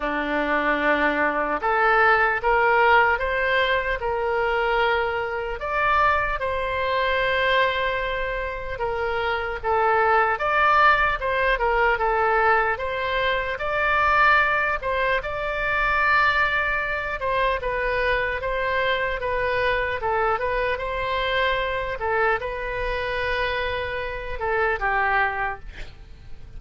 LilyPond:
\new Staff \with { instrumentName = "oboe" } { \time 4/4 \tempo 4 = 75 d'2 a'4 ais'4 | c''4 ais'2 d''4 | c''2. ais'4 | a'4 d''4 c''8 ais'8 a'4 |
c''4 d''4. c''8 d''4~ | d''4. c''8 b'4 c''4 | b'4 a'8 b'8 c''4. a'8 | b'2~ b'8 a'8 g'4 | }